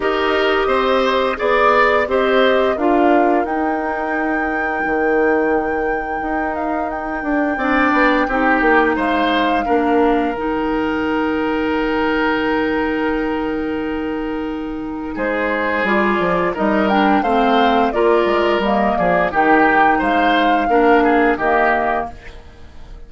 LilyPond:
<<
  \new Staff \with { instrumentName = "flute" } { \time 4/4 \tempo 4 = 87 dis''2 d''4 dis''4 | f''4 g''2.~ | g''4. f''8 g''2~ | g''4 f''2 g''4~ |
g''1~ | g''2 c''4 d''4 | dis''8 g''8 f''4 d''4 dis''8 d''8 | g''4 f''2 dis''4 | }
  \new Staff \with { instrumentName = "oboe" } { \time 4/4 ais'4 c''4 d''4 c''4 | ais'1~ | ais'2. d''4 | g'4 c''4 ais'2~ |
ais'1~ | ais'2 gis'2 | ais'4 c''4 ais'4. gis'8 | g'4 c''4 ais'8 gis'8 g'4 | }
  \new Staff \with { instrumentName = "clarinet" } { \time 4/4 g'2 gis'4 g'4 | f'4 dis'2.~ | dis'2. d'4 | dis'2 d'4 dis'4~ |
dis'1~ | dis'2. f'4 | dis'8 d'8 c'4 f'4 ais4 | dis'2 d'4 ais4 | }
  \new Staff \with { instrumentName = "bassoon" } { \time 4/4 dis'4 c'4 b4 c'4 | d'4 dis'2 dis4~ | dis4 dis'4. d'8 c'8 b8 | c'8 ais8 gis4 ais4 dis4~ |
dis1~ | dis2 gis4 g8 f8 | g4 a4 ais8 gis8 g8 f8 | dis4 gis4 ais4 dis4 | }
>>